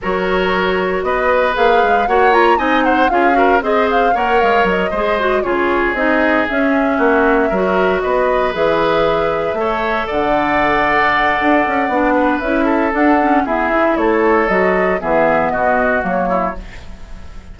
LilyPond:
<<
  \new Staff \with { instrumentName = "flute" } { \time 4/4 \tempo 4 = 116 cis''2 dis''4 f''4 | fis''8 ais''8 gis''8 fis''8 f''4 dis''8 f''8 | fis''8 f''8 dis''4. cis''4 dis''8~ | dis''8 e''2. dis''8~ |
dis''8 e''2. fis''8~ | fis''1 | e''4 fis''4 e''4 cis''4 | dis''4 e''4 dis''4 cis''4 | }
  \new Staff \with { instrumentName = "oboe" } { \time 4/4 ais'2 b'2 | cis''4 dis''8 c''8 gis'8 ais'8 c''4 | cis''4. c''4 gis'4.~ | gis'4. fis'4 ais'4 b'8~ |
b'2~ b'8 cis''4 d''8~ | d''2.~ d''8 b'8~ | b'8 a'4. gis'4 a'4~ | a'4 gis'4 fis'4. e'8 | }
  \new Staff \with { instrumentName = "clarinet" } { \time 4/4 fis'2. gis'4 | fis'8 f'8 dis'4 f'8 fis'8 gis'4 | ais'4. gis'8 fis'8 f'4 dis'8~ | dis'8 cis'2 fis'4.~ |
fis'8 gis'2 a'4.~ | a'2. d'4 | e'4 d'8 cis'8 b8 e'4. | fis'4 b2 ais4 | }
  \new Staff \with { instrumentName = "bassoon" } { \time 4/4 fis2 b4 ais8 gis8 | ais4 c'4 cis'4 c'4 | ais8 gis8 fis8 gis4 cis4 c'8~ | c'8 cis'4 ais4 fis4 b8~ |
b8 e2 a4 d8~ | d2 d'8 cis'8 b4 | cis'4 d'4 e'4 a4 | fis4 e4 b,4 fis4 | }
>>